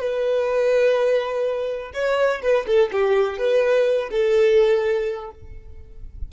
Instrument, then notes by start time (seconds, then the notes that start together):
violin
0.00 B4
1.94 C#5
2.42 B4
2.67 A4
2.92 G4
3.38 B4
4.11 A4